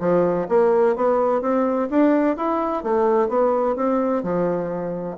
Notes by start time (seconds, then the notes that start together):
0.00 F3
0.49 A#3
0.96 B3
1.42 C4
1.90 D4
2.37 E4
2.84 A3
3.29 B3
3.76 C4
4.23 F3